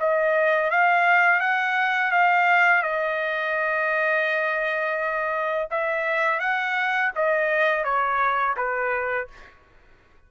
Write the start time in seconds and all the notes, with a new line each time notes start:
0.00 D#5
0.70 F5
1.40 F#5
2.12 F5
2.83 D#5
5.71 E5
6.40 F#5
7.15 D#5
7.84 C#5
8.56 B4